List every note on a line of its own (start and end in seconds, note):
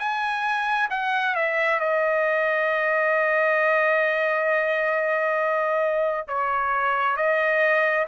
0.00 0.90 G#5
0.91 1.36 F#5
1.36 1.80 E5
1.80 6.28 D#5
6.28 7.17 C#5
7.17 8.07 D#5